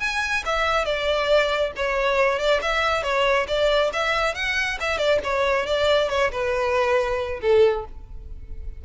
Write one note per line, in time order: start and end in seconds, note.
0.00 0.43 G#5
0.46 0.85 E5
0.85 1.72 D5
1.76 2.39 C#5
2.39 2.61 D5
2.62 3.03 E5
3.03 3.47 C#5
3.48 3.92 D5
3.93 4.35 E5
4.35 4.78 F#5
4.81 4.98 E5
4.98 5.20 D5
5.24 5.66 C#5
5.66 6.09 D5
6.09 6.31 C#5
6.32 7.40 B4
7.42 7.85 A4